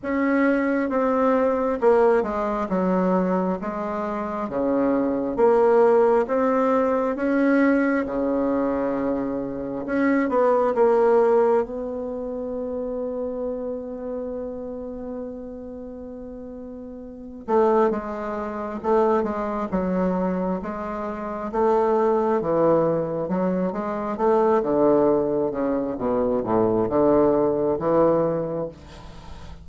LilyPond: \new Staff \with { instrumentName = "bassoon" } { \time 4/4 \tempo 4 = 67 cis'4 c'4 ais8 gis8 fis4 | gis4 cis4 ais4 c'4 | cis'4 cis2 cis'8 b8 | ais4 b2.~ |
b2.~ b8 a8 | gis4 a8 gis8 fis4 gis4 | a4 e4 fis8 gis8 a8 d8~ | d8 cis8 b,8 a,8 d4 e4 | }